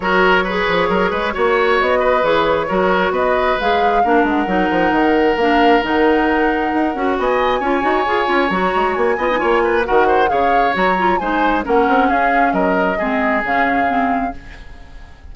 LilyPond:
<<
  \new Staff \with { instrumentName = "flute" } { \time 4/4 \tempo 4 = 134 cis''1 | dis''4 cis''2 dis''4 | f''4. fis''2~ fis''8 | f''4 fis''2. |
gis''2. ais''4 | gis''2 fis''4 f''4 | ais''4 gis''4 fis''4 f''4 | dis''2 f''2 | }
  \new Staff \with { instrumentName = "oboe" } { \time 4/4 ais'4 b'4 ais'8 b'8 cis''4~ | cis''8 b'4. ais'4 b'4~ | b'4 ais'2.~ | ais'1 |
dis''4 cis''2.~ | cis''8 dis''8 cis''8 b'8 ais'8 c''8 cis''4~ | cis''4 c''4 ais'4 gis'4 | ais'4 gis'2. | }
  \new Staff \with { instrumentName = "clarinet" } { \time 4/4 fis'4 gis'2 fis'4~ | fis'4 gis'4 fis'2 | gis'4 d'4 dis'2 | d'4 dis'2~ dis'8 fis'8~ |
fis'4 f'8 fis'8 gis'8 f'8 fis'4~ | fis'8 f'16 dis'16 f'4 fis'4 gis'4 | fis'8 f'8 dis'4 cis'2~ | cis'4 c'4 cis'4 c'4 | }
  \new Staff \with { instrumentName = "bassoon" } { \time 4/4 fis4. f8 fis8 gis8 ais4 | b4 e4 fis4 b4 | gis4 ais8 gis8 fis8 f8 dis4 | ais4 dis2 dis'8 cis'8 |
b4 cis'8 dis'8 f'8 cis'8 fis8 gis8 | ais8 b8 ais4 dis4 cis4 | fis4 gis4 ais8 c'8 cis'4 | fis4 gis4 cis2 | }
>>